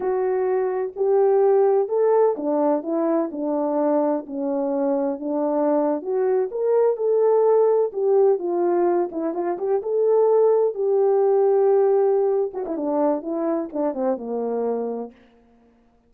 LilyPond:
\new Staff \with { instrumentName = "horn" } { \time 4/4 \tempo 4 = 127 fis'2 g'2 | a'4 d'4 e'4 d'4~ | d'4 cis'2 d'4~ | d'8. fis'4 ais'4 a'4~ a'16~ |
a'8. g'4 f'4. e'8 f'16~ | f'16 g'8 a'2 g'4~ g'16~ | g'2~ g'8 fis'16 e'16 d'4 | e'4 d'8 c'8 ais2 | }